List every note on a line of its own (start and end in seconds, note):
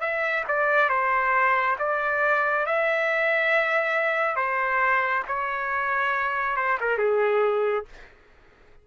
0.00 0.43 E5
0.47 0.89 D5
0.89 1.76 C5
1.78 2.65 D5
2.66 4.36 E5
4.36 5.23 C5
5.27 6.56 C#5
6.56 6.77 C5
6.80 6.98 A#4
6.98 7.85 G#4